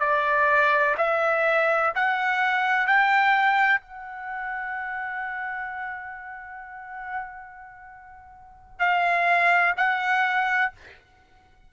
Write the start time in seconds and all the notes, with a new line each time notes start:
0.00 D5
0.97 E5
1.95 F#5
2.87 G5
3.81 F#5
8.79 F5
9.77 F#5